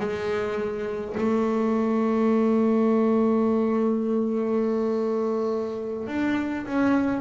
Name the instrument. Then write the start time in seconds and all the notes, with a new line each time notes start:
double bass
0.00 G#3
1.17 A3
6.08 D4
6.66 C#4